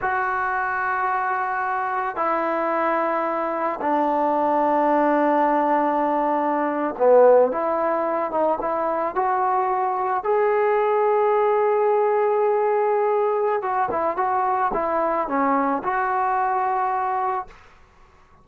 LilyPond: \new Staff \with { instrumentName = "trombone" } { \time 4/4 \tempo 4 = 110 fis'1 | e'2. d'4~ | d'1~ | d'8. b4 e'4. dis'8 e'16~ |
e'8. fis'2 gis'4~ gis'16~ | gis'1~ | gis'4 fis'8 e'8 fis'4 e'4 | cis'4 fis'2. | }